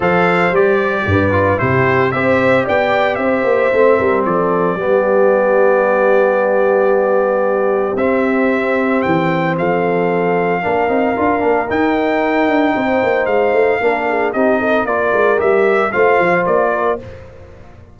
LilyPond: <<
  \new Staff \with { instrumentName = "trumpet" } { \time 4/4 \tempo 4 = 113 f''4 d''2 c''4 | e''4 g''4 e''2 | d''1~ | d''2. e''4~ |
e''4 g''4 f''2~ | f''2 g''2~ | g''4 f''2 dis''4 | d''4 e''4 f''4 d''4 | }
  \new Staff \with { instrumentName = "horn" } { \time 4/4 c''2 b'4 g'4 | c''4 d''4 c''4. ais'8 | a'4 g'2.~ | g'1~ |
g'2 a'2 | ais'1 | c''2 ais'8 gis'8 g'8 a'8 | ais'2 c''4. ais'8 | }
  \new Staff \with { instrumentName = "trombone" } { \time 4/4 a'4 g'4. f'8 e'4 | g'2. c'4~ | c'4 b2.~ | b2. c'4~ |
c'1 | d'8 dis'8 f'8 d'8 dis'2~ | dis'2 d'4 dis'4 | f'4 g'4 f'2 | }
  \new Staff \with { instrumentName = "tuba" } { \time 4/4 f4 g4 g,4 c4 | c'4 b4 c'8 ais8 a8 g8 | f4 g2.~ | g2. c'4~ |
c'4 e4 f2 | ais8 c'8 d'8 ais8 dis'4. d'8 | c'8 ais8 gis8 a8 ais4 c'4 | ais8 gis8 g4 a8 f8 ais4 | }
>>